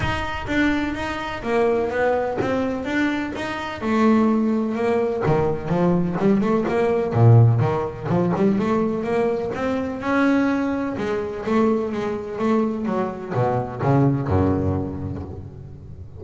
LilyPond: \new Staff \with { instrumentName = "double bass" } { \time 4/4 \tempo 4 = 126 dis'4 d'4 dis'4 ais4 | b4 c'4 d'4 dis'4 | a2 ais4 dis4 | f4 g8 a8 ais4 ais,4 |
dis4 f8 g8 a4 ais4 | c'4 cis'2 gis4 | a4 gis4 a4 fis4 | b,4 cis4 fis,2 | }